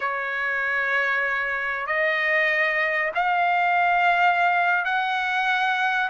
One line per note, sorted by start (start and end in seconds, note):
0.00 1.86 C#5
1.86 3.11 D#5
3.14 4.84 F5
4.84 6.09 F#5